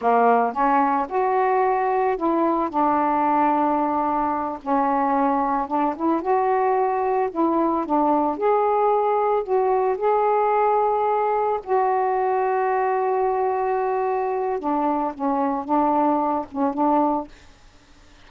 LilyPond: \new Staff \with { instrumentName = "saxophone" } { \time 4/4 \tempo 4 = 111 ais4 cis'4 fis'2 | e'4 d'2.~ | d'8 cis'2 d'8 e'8 fis'8~ | fis'4. e'4 d'4 gis'8~ |
gis'4. fis'4 gis'4.~ | gis'4. fis'2~ fis'8~ | fis'2. d'4 | cis'4 d'4. cis'8 d'4 | }